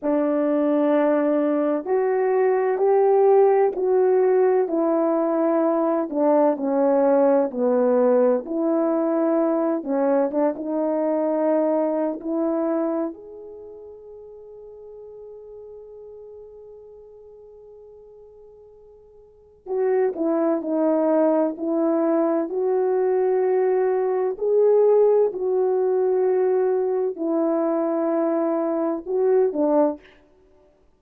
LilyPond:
\new Staff \with { instrumentName = "horn" } { \time 4/4 \tempo 4 = 64 d'2 fis'4 g'4 | fis'4 e'4. d'8 cis'4 | b4 e'4. cis'8 d'16 dis'8.~ | dis'4 e'4 gis'2~ |
gis'1~ | gis'4 fis'8 e'8 dis'4 e'4 | fis'2 gis'4 fis'4~ | fis'4 e'2 fis'8 d'8 | }